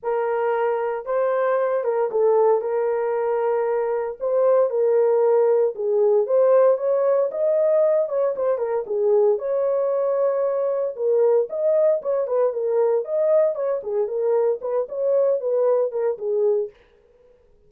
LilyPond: \new Staff \with { instrumentName = "horn" } { \time 4/4 \tempo 4 = 115 ais'2 c''4. ais'8 | a'4 ais'2. | c''4 ais'2 gis'4 | c''4 cis''4 dis''4. cis''8 |
c''8 ais'8 gis'4 cis''2~ | cis''4 ais'4 dis''4 cis''8 b'8 | ais'4 dis''4 cis''8 gis'8 ais'4 | b'8 cis''4 b'4 ais'8 gis'4 | }